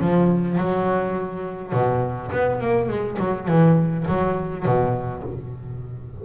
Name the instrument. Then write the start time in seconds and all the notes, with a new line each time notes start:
double bass
0.00 F3
0.58 F#3
1.72 B2
2.32 B3
2.60 A#3
2.88 G#3
3.19 F#3
3.47 E3
4.08 F#3
4.65 B2